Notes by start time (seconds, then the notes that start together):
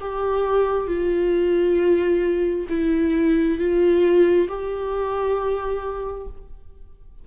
0.00 G4
0.87 F4
2.69 E4
3.59 F4
4.48 G4